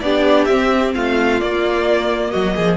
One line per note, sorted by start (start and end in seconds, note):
0.00 0.47 B3
0.00 0.49 D4
0.00 0.95 G4
0.00 0.44 D5
0.44 0.94 C4
0.44 1.40 C4
0.44 0.91 E5
0.94 1.41 A3
0.94 2.30 F4
0.94 1.40 F5
1.40 2.77 A#3
1.40 2.34 A#3
1.40 2.30 D5
2.30 2.57 F#3
2.30 2.54 F#4
2.30 2.77 D#5
2.55 2.77 F3
2.55 2.77 G#4